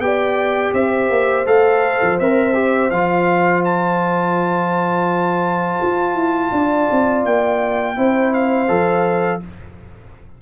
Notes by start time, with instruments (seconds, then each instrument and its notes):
0.00 tuba B3, trombone G4, horn D5, trumpet G5
0.74 tuba C4, horn C5, trumpet E5
1.10 tuba A#3
1.46 tuba A3, trombone A4, trumpet F5
2.03 tuba F3
2.20 tuba C4, trombone A#4, trumpet E5
2.55 trombone G4
2.91 tuba F3, trombone F4, trumpet F5
3.65 trumpet A5
5.82 tuba F4
6.15 tuba E4
6.52 tuba D4, horn D5
6.92 tuba C4
7.25 tuba A#3, trumpet G5
7.97 tuba C4, trombone E4, horn C5
8.34 trumpet F5
8.68 tuba F3, trombone A4